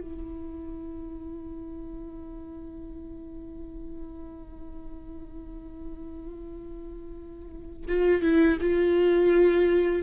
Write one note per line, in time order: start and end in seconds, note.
0.00 7.86 E4
7.88 8.21 F4
8.21 8.57 E4
8.60 10.02 F4